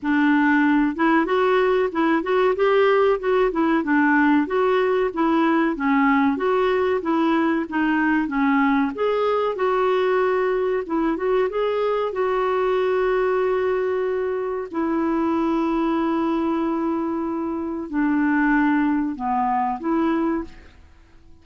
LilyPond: \new Staff \with { instrumentName = "clarinet" } { \time 4/4 \tempo 4 = 94 d'4. e'8 fis'4 e'8 fis'8 | g'4 fis'8 e'8 d'4 fis'4 | e'4 cis'4 fis'4 e'4 | dis'4 cis'4 gis'4 fis'4~ |
fis'4 e'8 fis'8 gis'4 fis'4~ | fis'2. e'4~ | e'1 | d'2 b4 e'4 | }